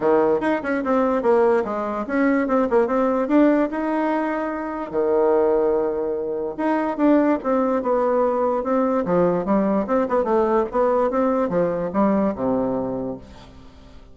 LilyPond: \new Staff \with { instrumentName = "bassoon" } { \time 4/4 \tempo 4 = 146 dis4 dis'8 cis'8 c'4 ais4 | gis4 cis'4 c'8 ais8 c'4 | d'4 dis'2. | dis1 |
dis'4 d'4 c'4 b4~ | b4 c'4 f4 g4 | c'8 b8 a4 b4 c'4 | f4 g4 c2 | }